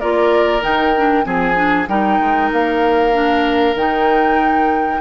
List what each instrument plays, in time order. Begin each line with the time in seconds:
0.00 bassoon A#3, clarinet F4, oboe A#4, flute D5
0.61 bassoon D#3, clarinet D#4, flute G5
0.98 clarinet D4
1.24 bassoon F3, clarinet C4, oboe G#4, flute G#5
1.55 clarinet D4
1.88 bassoon G3, clarinet D#4, oboe A#4, flute G5
2.20 bassoon G#3
2.53 bassoon A#3, flute F5
3.13 clarinet D4
3.75 bassoon D#3, clarinet D#4, flute G5